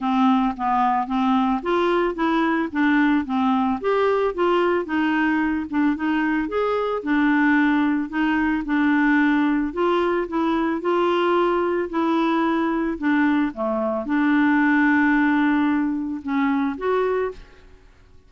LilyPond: \new Staff \with { instrumentName = "clarinet" } { \time 4/4 \tempo 4 = 111 c'4 b4 c'4 f'4 | e'4 d'4 c'4 g'4 | f'4 dis'4. d'8 dis'4 | gis'4 d'2 dis'4 |
d'2 f'4 e'4 | f'2 e'2 | d'4 a4 d'2~ | d'2 cis'4 fis'4 | }